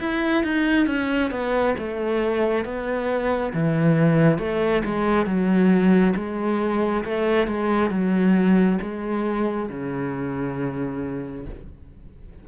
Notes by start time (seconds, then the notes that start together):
0.00 E4
0.44 D#4
0.87 C#4
1.31 B3
1.78 A3
2.65 B3
3.54 E3
4.39 A3
4.85 G#3
5.26 F#3
6.16 G#3
7.05 A3
7.48 G#3
7.91 F#3
8.82 G#3
9.70 C#3